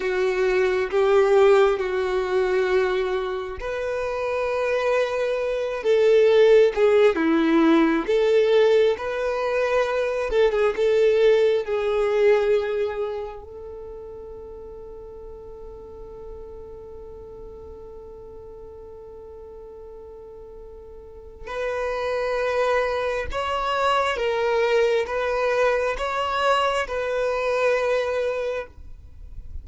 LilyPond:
\new Staff \with { instrumentName = "violin" } { \time 4/4 \tempo 4 = 67 fis'4 g'4 fis'2 | b'2~ b'8 a'4 gis'8 | e'4 a'4 b'4. a'16 gis'16 | a'4 gis'2 a'4~ |
a'1~ | a'1 | b'2 cis''4 ais'4 | b'4 cis''4 b'2 | }